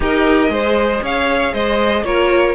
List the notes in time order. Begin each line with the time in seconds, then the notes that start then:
0.00 D#4 G4 A#4 D#5
0.48 G#3 G#4 C5
1.02 C#4 C#5 F5
1.53 G#3 C5 D#5
2.03 A#3 F4 A#4 C#5